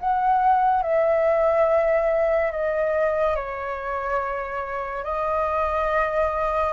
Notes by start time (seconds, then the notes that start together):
0.00 F#5
0.83 E5
2.52 D#5
3.36 C#5
5.04 D#5